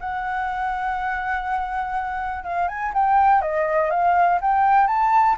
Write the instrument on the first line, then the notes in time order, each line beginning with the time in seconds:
flute
0.00 F#5
2.44 F5
2.68 G#5
2.94 G5
3.41 D#5
3.90 F5
4.41 G5
4.87 A5